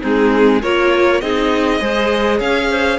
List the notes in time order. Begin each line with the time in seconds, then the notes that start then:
0.00 G#3 C4 D#4 G#4
0.61 A#3 F4 A#4 C#5
1.21 C4 D#4 G#4 D#5
1.80 G#3 G#4 C5
2.39 C#4 C#5 F5
2.70 C5